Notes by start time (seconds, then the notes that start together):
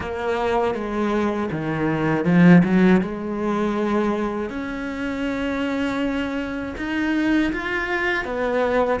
0.00 A#3
0.74 G#3
1.51 D#3
2.24 F3
2.64 F#3
3.01 G#3
4.49 C#4
6.77 D#4
7.52 F4
8.25 B3